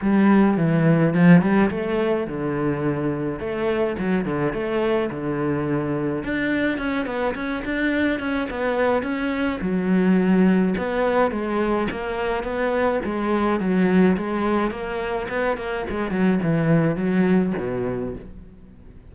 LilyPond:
\new Staff \with { instrumentName = "cello" } { \time 4/4 \tempo 4 = 106 g4 e4 f8 g8 a4 | d2 a4 fis8 d8 | a4 d2 d'4 | cis'8 b8 cis'8 d'4 cis'8 b4 |
cis'4 fis2 b4 | gis4 ais4 b4 gis4 | fis4 gis4 ais4 b8 ais8 | gis8 fis8 e4 fis4 b,4 | }